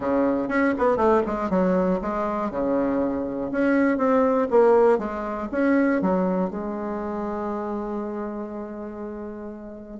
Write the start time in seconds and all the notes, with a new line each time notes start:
0.00 C#3
0.48 C#4
0.78 B3
0.97 A3
1.26 G#3
1.50 F#3
2.01 G#3
2.50 C#3
3.51 C#4
3.97 C4
4.50 A#3
4.98 G#3
5.51 C#4
6.01 F#3
6.50 G#3